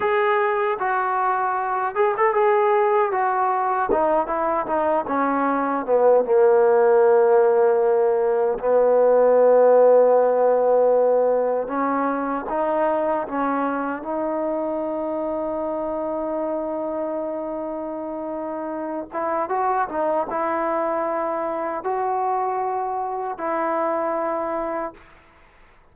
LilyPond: \new Staff \with { instrumentName = "trombone" } { \time 4/4 \tempo 4 = 77 gis'4 fis'4. gis'16 a'16 gis'4 | fis'4 dis'8 e'8 dis'8 cis'4 b8 | ais2. b4~ | b2. cis'4 |
dis'4 cis'4 dis'2~ | dis'1~ | dis'8 e'8 fis'8 dis'8 e'2 | fis'2 e'2 | }